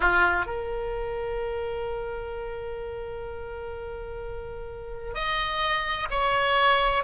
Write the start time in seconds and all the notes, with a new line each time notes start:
0.00 F4
0.45 A#4
5.14 D#5
6.10 C#5